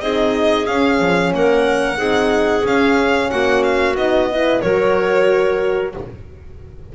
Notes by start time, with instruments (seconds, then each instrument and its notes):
0.00 double bass C4, horn D#4, clarinet G#4, violin D#5
0.66 horn C#4, double bass C#4, violin F5
1.00 double bass F3
1.33 double bass A#3, clarinet A#4, violin F#5
1.97 double bass C4, horn D#4, clarinet G#4
2.64 double bass C#4, horn C#4, violin F5
3.30 double bass A#3, clarinet F#4, violin F#5
3.63 violin F5
3.95 double bass B3, horn D#4, violin D#5
4.31 horn E4, clarinet B4
4.61 double bass F#3, horn F#4, clarinet A#4, violin C#5